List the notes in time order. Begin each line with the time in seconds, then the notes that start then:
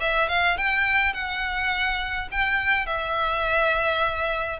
0.00 E5
0.28 F5
0.57 G5
1.13 F#5
2.31 G5
2.86 E5